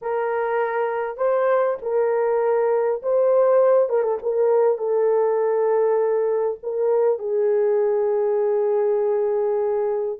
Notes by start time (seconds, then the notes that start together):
0.01 A#4
1.17 C5
1.81 A#4
3.02 C5
3.89 A#4
4.02 A4
4.22 A#4
4.78 A4
6.62 A#4
7.18 G#4